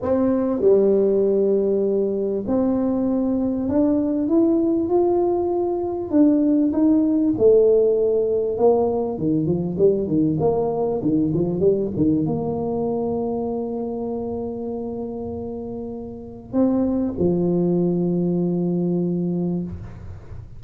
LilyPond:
\new Staff \with { instrumentName = "tuba" } { \time 4/4 \tempo 4 = 98 c'4 g2. | c'2 d'4 e'4 | f'2 d'4 dis'4 | a2 ais4 dis8 f8 |
g8 dis8 ais4 dis8 f8 g8 dis8 | ais1~ | ais2. c'4 | f1 | }